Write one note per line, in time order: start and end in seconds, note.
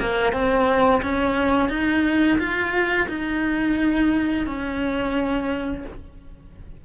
0.00 0.33 A#3
0.33 1.02 C4
1.03 1.69 C#4
1.69 2.38 D#4
2.39 3.08 F4
3.08 4.46 D#4
4.47 5.85 C#4